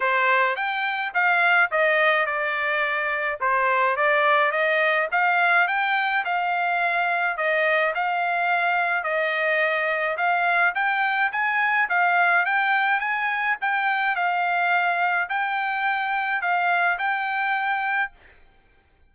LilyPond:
\new Staff \with { instrumentName = "trumpet" } { \time 4/4 \tempo 4 = 106 c''4 g''4 f''4 dis''4 | d''2 c''4 d''4 | dis''4 f''4 g''4 f''4~ | f''4 dis''4 f''2 |
dis''2 f''4 g''4 | gis''4 f''4 g''4 gis''4 | g''4 f''2 g''4~ | g''4 f''4 g''2 | }